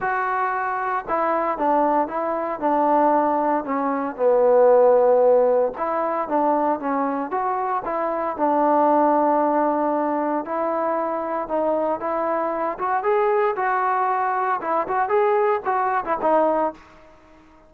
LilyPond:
\new Staff \with { instrumentName = "trombone" } { \time 4/4 \tempo 4 = 115 fis'2 e'4 d'4 | e'4 d'2 cis'4 | b2. e'4 | d'4 cis'4 fis'4 e'4 |
d'1 | e'2 dis'4 e'4~ | e'8 fis'8 gis'4 fis'2 | e'8 fis'8 gis'4 fis'8. e'16 dis'4 | }